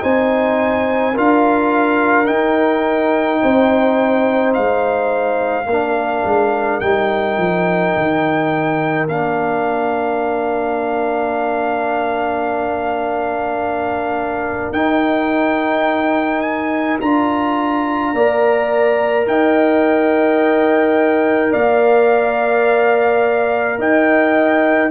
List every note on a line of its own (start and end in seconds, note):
0.00 1.16 C4
0.00 1.13 D#4
0.00 1.13 C5
0.00 1.16 G#5
1.13 2.29 D4
1.13 2.24 F4
1.13 3.40 A#4
1.13 2.25 F5
2.24 5.64 D#4
2.24 3.42 D#4
2.24 4.52 G5
3.41 4.56 C4
3.41 5.67 C5
4.53 5.66 G#3
4.53 6.80 F5
5.66 6.22 A#3
5.66 6.81 D4
5.66 18.14 A#4
6.24 6.81 G#3
6.80 7.37 G3
6.80 9.08 D#4
6.80 9.06 G5
7.37 7.94 F3
7.96 9.08 D#3
9.08 14.72 A#3
9.08 14.74 D4
9.08 14.72 F5
14.72 16.98 D#4
14.72 17.00 D#4
14.72 16.41 G5
16.41 16.97 G#5
17.00 18.13 D4
17.00 18.15 F4
17.00 19.27 A#5
18.13 19.26 A#3
18.13 24.91 A#4
18.13 19.27 D5
19.26 21.53 D#4
19.26 21.50 D#5
19.26 21.53 G5
21.50 23.78 A#3
21.50 23.77 D5
21.50 23.79 F5
23.78 24.91 D#4
23.78 24.91 D#5
23.78 24.91 G5